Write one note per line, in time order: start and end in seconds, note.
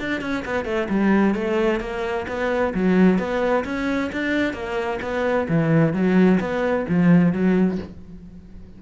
0.00 0.21 D4
0.21 0.44 C#4
0.46 0.65 B3
0.65 0.88 A3
0.90 1.35 G3
1.35 1.81 A3
1.81 2.27 A#3
2.28 2.74 B3
2.75 3.19 F#3
3.19 3.65 B3
3.65 4.11 C#4
4.12 4.54 D4
4.54 5.00 A#3
5.02 5.48 B3
5.49 5.94 E3
5.94 6.40 F#3
6.40 6.86 B3
6.89 7.33 F3
7.33 7.79 F#3